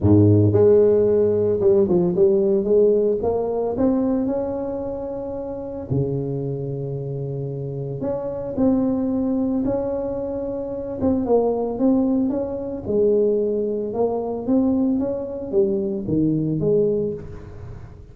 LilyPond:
\new Staff \with { instrumentName = "tuba" } { \time 4/4 \tempo 4 = 112 gis,4 gis2 g8 f8 | g4 gis4 ais4 c'4 | cis'2. cis4~ | cis2. cis'4 |
c'2 cis'2~ | cis'8 c'8 ais4 c'4 cis'4 | gis2 ais4 c'4 | cis'4 g4 dis4 gis4 | }